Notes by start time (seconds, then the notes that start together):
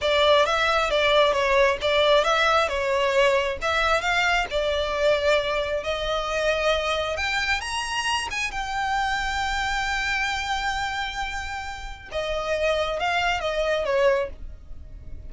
0.01 D5
0.45 E5
0.90 D5
1.32 C#5
1.81 D5
2.24 E5
2.68 C#5
3.61 E5
4.01 F5
4.50 D5
5.83 D#5
7.16 G5
7.60 A#5
8.31 G#5
8.51 G5
12.11 D#5
12.99 F5
13.40 D#5
13.84 C#5